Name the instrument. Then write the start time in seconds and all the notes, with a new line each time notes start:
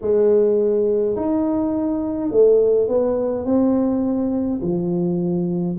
tuba
0.01 G#3
1.15 D#4
2.31 A3
2.88 B3
3.45 C4
4.62 F3